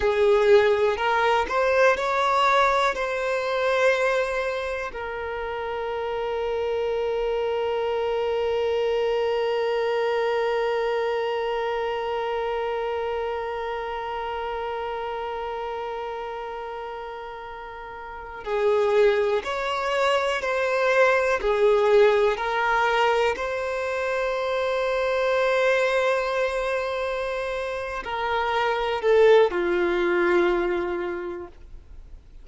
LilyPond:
\new Staff \with { instrumentName = "violin" } { \time 4/4 \tempo 4 = 61 gis'4 ais'8 c''8 cis''4 c''4~ | c''4 ais'2.~ | ais'1~ | ais'1~ |
ais'2~ ais'8. gis'4 cis''16~ | cis''8. c''4 gis'4 ais'4 c''16~ | c''1~ | c''8 ais'4 a'8 f'2 | }